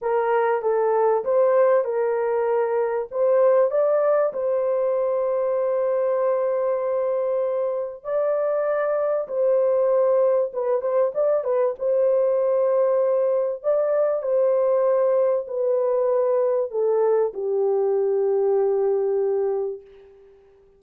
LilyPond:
\new Staff \with { instrumentName = "horn" } { \time 4/4 \tempo 4 = 97 ais'4 a'4 c''4 ais'4~ | ais'4 c''4 d''4 c''4~ | c''1~ | c''4 d''2 c''4~ |
c''4 b'8 c''8 d''8 b'8 c''4~ | c''2 d''4 c''4~ | c''4 b'2 a'4 | g'1 | }